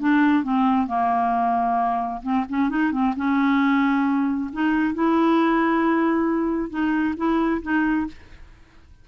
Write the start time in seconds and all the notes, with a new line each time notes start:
0.00 D4
0.43 C4
0.87 A#3
2.23 C4
2.49 C#4
2.70 D#4
2.92 C4
3.16 C#4
4.53 D#4
4.94 E4
6.70 D#4
7.17 E4
7.62 D#4